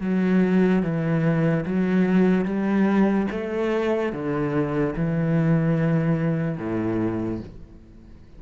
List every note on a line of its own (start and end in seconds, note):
0.00 0.82 F#3
0.82 1.64 E3
1.66 2.45 F#3
2.45 3.27 G3
3.31 4.12 A3
4.12 4.95 D3
4.95 6.58 E3
6.58 7.40 A2